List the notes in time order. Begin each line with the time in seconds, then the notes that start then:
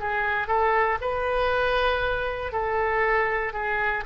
0.00 G#4
0.48 A4
1.01 B4
2.53 A4
3.54 G#4